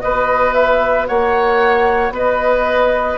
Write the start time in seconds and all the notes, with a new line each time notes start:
0.00 B3 F#4 B4 D#5
0.53 E5
1.07 A#3 C#5 F#5
2.10 B3 B4 D#5